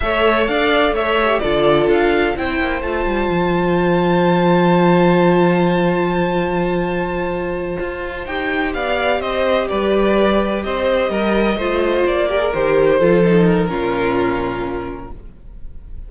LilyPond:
<<
  \new Staff \with { instrumentName = "violin" } { \time 4/4 \tempo 4 = 127 e''4 f''4 e''4 d''4 | f''4 g''4 a''2~ | a''1~ | a''1~ |
a''4. g''4 f''4 dis''8~ | dis''8 d''2 dis''4.~ | dis''4. d''4 c''4.~ | c''8 ais'2.~ ais'8 | }
  \new Staff \with { instrumentName = "violin" } { \time 4/4 cis''4 d''4 cis''4 a'4~ | a'4 c''2.~ | c''1~ | c''1~ |
c''2~ c''8 d''4 c''8~ | c''8 b'2 c''4 ais'8~ | ais'8 c''4. ais'4. a'8~ | a'4 f'2. | }
  \new Staff \with { instrumentName = "viola" } { \time 4/4 a'2~ a'8 g'8 f'4~ | f'4 e'4 f'2~ | f'1~ | f'1~ |
f'4. g'2~ g'8~ | g'1~ | g'8 f'4. g'16 gis'16 g'4 f'8 | dis'4 cis'2. | }
  \new Staff \with { instrumentName = "cello" } { \time 4/4 a4 d'4 a4 d4 | d'4 c'8 ais8 a8 g8 f4~ | f1~ | f1~ |
f8 f'4 dis'4 b4 c'8~ | c'8 g2 c'4 g8~ | g8 a4 ais4 dis4 f8~ | f4 ais,2. | }
>>